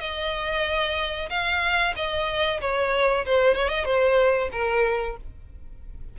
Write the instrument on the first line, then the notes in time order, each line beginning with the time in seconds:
violin
0.00 D#5
1.30 F5
1.96 D#5
2.61 C#5
3.26 C5
3.55 C#5
3.68 D#5
3.84 C5
4.52 A#4